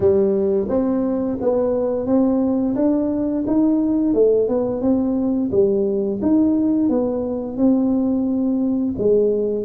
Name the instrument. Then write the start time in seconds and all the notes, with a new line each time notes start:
tuba
0.00 G3
0.69 C4
1.40 B3
2.06 C4
2.75 D4
3.46 D#4
4.13 A3
4.48 B3
4.81 C4
5.51 G3
6.22 D#4
6.89 B3
7.57 C4
8.97 G#3